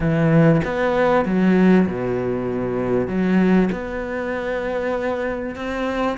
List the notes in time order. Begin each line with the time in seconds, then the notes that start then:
0.00 E3
0.64 B3
1.25 F#3
1.87 B2
3.07 F#3
3.71 B3
5.55 C4